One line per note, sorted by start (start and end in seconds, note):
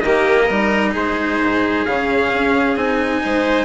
0.00 0.49 D#3
0.00 0.50 A#3
0.00 0.45 G4
0.00 0.91 D#5
0.45 0.95 G3
0.45 1.86 D#4
0.45 0.90 A#4
0.92 1.39 G#3
0.92 3.19 G#4
0.92 1.85 C5
1.39 1.85 G#2
1.85 2.31 C#3
1.85 2.75 C#4
1.85 2.76 F5
2.33 2.75 C#4
2.75 3.21 C4
2.75 3.65 D#4
2.75 3.65 G#5
3.23 3.65 G#3
3.23 3.65 C5